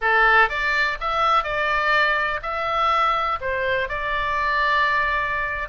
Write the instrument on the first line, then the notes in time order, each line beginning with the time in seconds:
oboe
0.01 A4
0.49 D5
1.00 E5
1.43 D5
2.42 E5
3.40 C5
3.88 D5